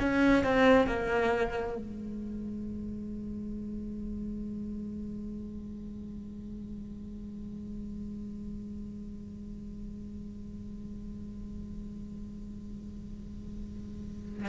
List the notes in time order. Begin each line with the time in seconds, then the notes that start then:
0.00 C#4
0.45 C4
0.87 A#3
1.77 G#3